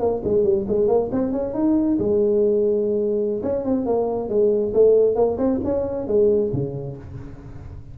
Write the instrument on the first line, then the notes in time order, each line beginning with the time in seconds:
tuba
0.00 A#3
0.24 G#3
0.44 G3
0.68 G#3
0.88 A#3
1.12 C4
1.32 C#4
1.54 D#4
1.99 G#3
3.43 C#4
3.65 C4
3.86 A#3
4.29 G#3
4.74 A3
5.15 A#3
5.38 C4
5.64 C#4
6.07 G#3
6.53 C#3